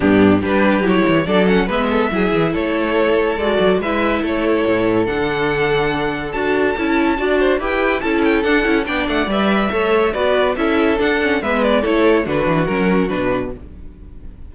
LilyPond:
<<
  \new Staff \with { instrumentName = "violin" } { \time 4/4 \tempo 4 = 142 g'4 b'4 cis''4 d''8 fis''8 | e''2 cis''2 | d''4 e''4 cis''2 | fis''2. a''4~ |
a''2 g''4 a''8 g''8 | fis''4 g''8 fis''8 e''2 | d''4 e''4 fis''4 e''8 d''8 | cis''4 b'4 ais'4 b'4 | }
  \new Staff \with { instrumentName = "violin" } { \time 4/4 d'4 g'2 a'4 | b'8 a'8 gis'4 a'2~ | a'4 b'4 a'2~ | a'1~ |
a'4 d''8 c''8 b'4 a'4~ | a'4 d''2 cis''4 | b'4 a'2 b'4 | a'4 fis'2. | }
  \new Staff \with { instrumentName = "viola" } { \time 4/4 b4 d'4 e'4 d'8 cis'8 | b4 e'2. | fis'4 e'2. | d'2. fis'4 |
e'4 fis'4 g'4 e'4 | d'8 e'8 d'4 b'4 a'4 | fis'4 e'4 d'8 cis'8 b4 | e'4 d'4 cis'4 d'4 | }
  \new Staff \with { instrumentName = "cello" } { \time 4/4 g,4 g4 fis8 e8 fis4 | gis4 fis8 e8 a2 | gis8 fis8 gis4 a4 a,4 | d2. d'4 |
cis'4 d'4 e'4 cis'4 | d'8 cis'8 b8 a8 g4 a4 | b4 cis'4 d'4 gis4 | a4 d8 e8 fis4 b,4 | }
>>